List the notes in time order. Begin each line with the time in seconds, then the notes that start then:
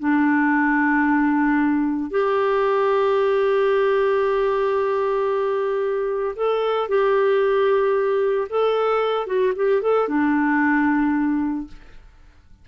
0.00 D4
2.11 G4
6.36 A4
6.89 G4
8.50 A4
9.27 F#4
9.56 G4
9.82 A4
10.09 D4